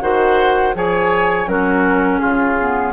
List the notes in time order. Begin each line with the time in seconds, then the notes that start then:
0.00 D#3 F#4 C5 F#5
0.74 F3 G#4 C#5 G#5
1.46 F#3 C#4 F#4 A#4
2.18 C#3 F4 G#4
2.59 B3